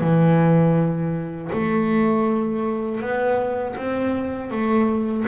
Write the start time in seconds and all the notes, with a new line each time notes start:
0.00 E3
1.52 A3
3.00 B3
3.76 C4
4.50 A3